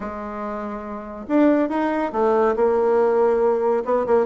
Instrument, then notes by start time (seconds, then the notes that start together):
bassoon
0.00 G#3
1.28 D4
1.69 D#4
2.12 A3
2.56 A#3
3.84 B3
4.06 A#3